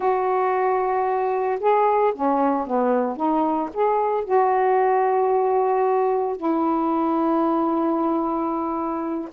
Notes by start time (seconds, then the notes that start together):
0.00 F#4
1.60 G#4
2.15 C#4
2.66 B3
3.16 D#4
3.73 G#4
4.24 F#4
6.36 E4